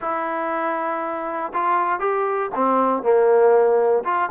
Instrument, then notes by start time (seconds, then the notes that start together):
trombone
0.01 E4
1.53 F4
1.99 G4
2.55 C4
3.03 A#3
4.04 F4